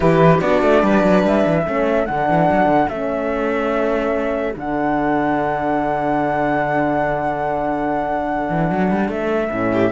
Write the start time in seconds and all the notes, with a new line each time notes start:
0.00 E3 E4 G4 B4
0.40 B3 D4 F#4 D5
0.62 A3
0.82 G3 B4
1.03 F#3
1.23 G3 E5
1.46 E3
1.64 A3 C#4 A4
2.06 D3 D4 F#5
2.29 E3
2.50 F#3
2.65 D3
2.88 A3 C#4 E5
4.56 D3 D4 F#5
8.49 E3
8.70 F#3
8.91 G3
9.08 A3 E5
9.51 A2 C#4
9.72 G4